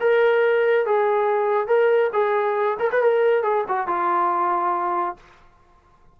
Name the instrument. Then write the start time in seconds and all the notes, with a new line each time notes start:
trombone
0.00 A#4
0.86 G#4
1.67 A#4
2.13 G#4
2.79 A#4
2.91 B4
3.02 A#4
3.43 G#4
3.68 F#4
3.87 F4